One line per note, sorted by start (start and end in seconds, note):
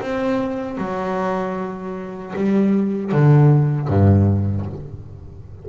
0.00 0.77 C4
0.77 2.33 F#3
2.36 3.12 G3
3.12 3.88 D3
3.88 4.66 G2